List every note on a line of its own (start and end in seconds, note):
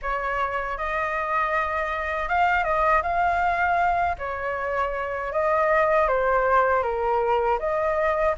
0.01 0.77 C#5
0.77 2.28 D#5
2.28 2.64 F5
2.64 3.02 D#5
3.02 4.16 F5
4.18 5.32 C#5
5.32 6.08 D#5
6.08 6.83 C5
6.83 7.58 A#4
7.59 8.35 D#5